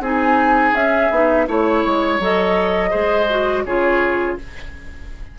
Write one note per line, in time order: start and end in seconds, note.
0.00 0.72 C4
0.00 0.75 D#4
0.00 1.46 G#4
0.00 0.75 G#5
0.73 1.09 C#4
0.73 1.11 C#4
0.73 1.47 E5
1.10 1.47 B3
1.10 1.47 D#4
1.47 1.84 A3
1.47 2.19 E4
1.47 2.90 C#5
1.47 2.22 C#5
1.85 2.19 G#3
2.19 2.92 F#3
2.19 2.90 A4
2.19 3.64 D#5
2.90 3.65 G#3
2.90 3.26 G#4
2.90 3.62 C5
3.30 3.66 F#4
3.64 4.37 C#3
3.64 4.39 F4
3.64 4.38 G#4
3.64 4.37 C#5